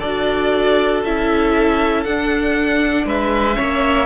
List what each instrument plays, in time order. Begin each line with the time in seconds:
0.00 cello D4, viola F#4, violin A4 D5
1.05 cello C#4, viola E4, violin E5
2.04 cello D4, viola D4, violin F#5
3.06 cello G#3, violin B4 E5
3.55 cello A#3, viola C#4, violin C#5